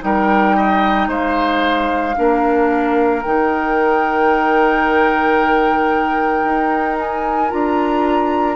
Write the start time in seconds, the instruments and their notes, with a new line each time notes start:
0.00 bassoon G3, clarinet D#4, oboe A#4, flute G5
0.57 oboe D#5
1.08 bassoon G#3, oboe C5, flute F5
2.15 bassoon A#3, clarinet D4, oboe A#4
3.22 bassoon D#3, clarinet D#4, flute G5
6.44 bassoon D#4
7.00 flute G#5
7.50 bassoon D4, clarinet F4, flute A#5